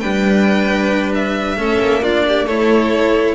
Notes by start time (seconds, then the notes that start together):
0.00 G3 D4 B4 G5
1.14 E5
1.56 A3 C#4 A4
1.79 A#3
2.02 D4 F4 D5
2.28 G4
2.46 A3 E4 A4 C#5